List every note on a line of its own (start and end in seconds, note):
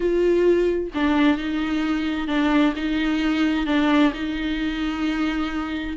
0.00 0.91 F4
0.94 1.37 D4
1.37 2.27 D#4
2.27 2.73 D4
2.76 3.66 D#4
3.66 4.12 D4
4.13 5.96 D#4